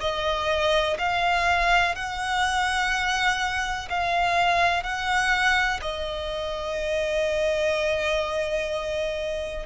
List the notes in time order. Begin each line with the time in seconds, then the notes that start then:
0.00 D#5
0.98 F5
1.95 F#5
3.89 F5
4.83 F#5
5.81 D#5